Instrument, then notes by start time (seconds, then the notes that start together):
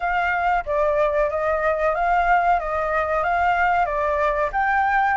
flute
0.00 F5
0.65 D5
1.30 D#5
1.94 F5
2.59 D#5
3.23 F5
3.85 D5
4.52 G5